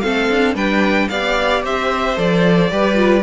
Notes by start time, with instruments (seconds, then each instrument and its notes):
0.00 cello A3, viola C4, violin A4 F5
0.29 cello D4
0.54 cello G3, viola D4, violin B4 G5
1.08 cello B3, viola G4, violin D5 F5
1.63 cello C4, violin C5 E5
2.15 cello F3, viola A4, violin D5
2.71 cello G3, viola G4, violin B4
2.94 viola F4